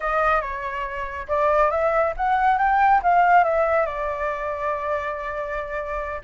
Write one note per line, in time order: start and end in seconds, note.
0.00 0.41 D#5
0.41 1.26 C#5
1.27 1.70 D5
1.70 2.13 E5
2.16 2.58 F#5
2.58 3.01 G5
3.02 3.44 F5
3.44 3.86 E5
3.86 6.21 D5